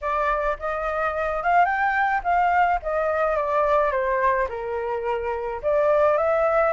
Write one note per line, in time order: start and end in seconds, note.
0.01 0.57 D5
0.59 1.43 D#5
1.43 1.65 F5
1.65 2.21 G5
2.23 2.79 F5
2.82 3.36 D#5
3.36 3.91 D5
3.91 4.47 C5
4.49 5.61 A#4
5.62 6.17 D5
6.17 6.73 E5